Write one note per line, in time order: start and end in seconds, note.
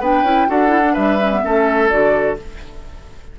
0.00 0.23 B3
0.00 0.25 D4
0.00 0.48 B4
0.00 0.50 G5
0.23 0.47 C#4
0.23 0.48 E4
0.48 0.97 D4
0.48 0.69 F#4
0.48 0.94 A4
0.48 0.95 F#5
0.69 0.81 E4
0.84 1.19 D4
0.94 1.44 G3
0.94 1.41 B4
0.94 1.90 E5
1.22 1.33 C#4
1.33 1.44 B3
1.44 1.92 A3
1.44 1.90 C#4
1.44 2.40 A4
1.90 2.39 D3
1.90 2.37 F#4
1.90 2.37 D5